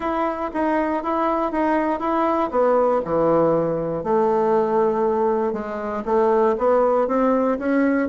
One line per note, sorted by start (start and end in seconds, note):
0.00 0.50 E4
0.53 1.03 D#4
1.03 1.51 E4
1.51 1.99 D#4
1.99 2.50 E4
2.50 3.01 B3
3.05 4.03 E3
4.03 5.52 A3
5.52 6.03 G#3
6.05 6.55 A3
6.58 7.07 B3
7.07 7.57 C4
7.59 8.08 C#4